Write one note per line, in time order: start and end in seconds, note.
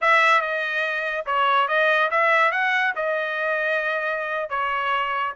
0.01 0.41 E5
0.41 1.25 D#5
1.26 1.67 C#5
1.67 2.09 D#5
2.11 2.51 E5
2.51 2.93 F#5
2.95 4.49 D#5
4.49 5.33 C#5